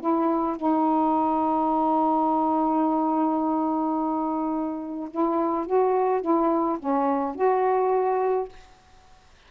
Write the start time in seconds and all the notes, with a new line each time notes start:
0.00 E4
0.56 D#4
5.10 E4
5.66 F#4
6.21 E4
6.79 C#4
7.35 F#4